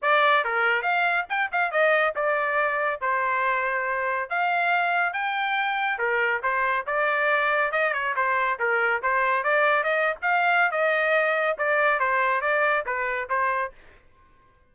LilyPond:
\new Staff \with { instrumentName = "trumpet" } { \time 4/4 \tempo 4 = 140 d''4 ais'4 f''4 g''8 f''8 | dis''4 d''2 c''4~ | c''2 f''2 | g''2 ais'4 c''4 |
d''2 dis''8 cis''8 c''4 | ais'4 c''4 d''4 dis''8. f''16~ | f''4 dis''2 d''4 | c''4 d''4 b'4 c''4 | }